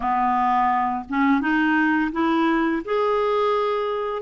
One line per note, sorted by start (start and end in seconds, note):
0.00 1.04 B3
1.09 1.40 C#4
1.40 2.11 D#4
2.11 2.82 E4
2.85 4.22 G#4